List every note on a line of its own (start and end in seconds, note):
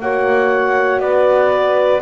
0.00 1.00 A#3
0.00 2.02 F#4
0.00 1.00 C#5
0.00 1.00 F#5
1.00 2.01 B3
1.00 2.02 B4
1.00 2.01 D5